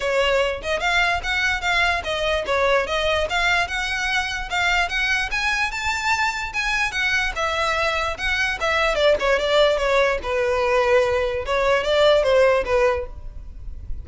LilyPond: \new Staff \with { instrumentName = "violin" } { \time 4/4 \tempo 4 = 147 cis''4. dis''8 f''4 fis''4 | f''4 dis''4 cis''4 dis''4 | f''4 fis''2 f''4 | fis''4 gis''4 a''2 |
gis''4 fis''4 e''2 | fis''4 e''4 d''8 cis''8 d''4 | cis''4 b'2. | cis''4 d''4 c''4 b'4 | }